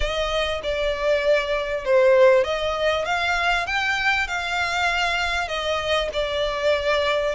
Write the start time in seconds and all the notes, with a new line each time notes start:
0.00 D#5
0.63 D5
1.84 C5
2.44 D#5
3.05 F5
3.66 G5
4.27 F5
5.47 D#5
6.13 D5